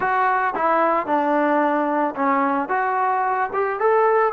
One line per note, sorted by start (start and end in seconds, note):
0.00 0.54 F#4
0.55 1.06 E4
1.06 2.14 D4
2.15 2.69 C#4
2.69 3.50 F#4
3.53 3.79 G4
3.79 4.32 A4